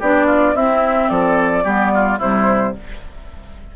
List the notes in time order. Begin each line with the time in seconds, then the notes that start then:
0.00 B3 D4 G4 D5
0.26 F4
0.55 C4 E4 E5
1.09 F3 A4 D5
1.64 G3 B3 G4
1.94 F4
2.19 C3 G3 E4 C5